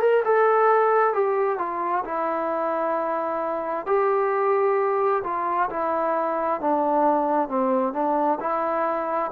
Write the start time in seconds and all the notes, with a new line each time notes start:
0.00 A#4
0.24 A4
1.13 G4
1.58 F4
2.04 E4
3.86 G4
5.24 F4
5.69 E4
6.60 D4
7.48 C4
7.93 D4
8.40 E4